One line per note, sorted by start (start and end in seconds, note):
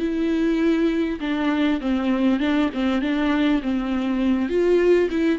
0.00 1.20 E4
1.21 1.81 D4
1.81 2.40 C4
2.40 2.70 D4
2.74 3.02 C4
3.02 3.62 D4
3.63 4.49 C4
4.49 5.09 F4
5.11 5.39 E4